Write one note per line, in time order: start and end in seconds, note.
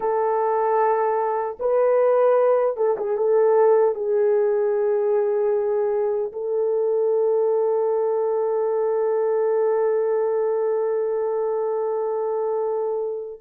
0.00 1.57 A4
1.59 2.76 B4
2.76 2.96 A4
2.97 3.17 G#4
3.17 3.95 A4
3.95 6.32 G#4
6.32 13.40 A4